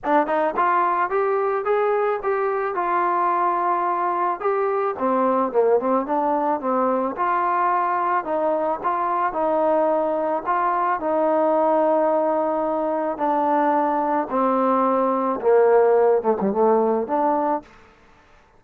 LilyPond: \new Staff \with { instrumentName = "trombone" } { \time 4/4 \tempo 4 = 109 d'8 dis'8 f'4 g'4 gis'4 | g'4 f'2. | g'4 c'4 ais8 c'8 d'4 | c'4 f'2 dis'4 |
f'4 dis'2 f'4 | dis'1 | d'2 c'2 | ais4. a16 g16 a4 d'4 | }